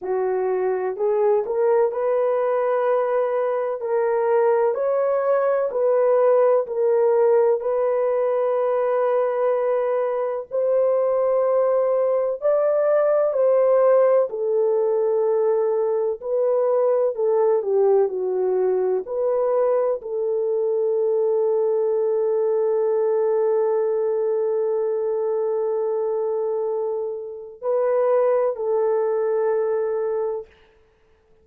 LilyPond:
\new Staff \with { instrumentName = "horn" } { \time 4/4 \tempo 4 = 63 fis'4 gis'8 ais'8 b'2 | ais'4 cis''4 b'4 ais'4 | b'2. c''4~ | c''4 d''4 c''4 a'4~ |
a'4 b'4 a'8 g'8 fis'4 | b'4 a'2.~ | a'1~ | a'4 b'4 a'2 | }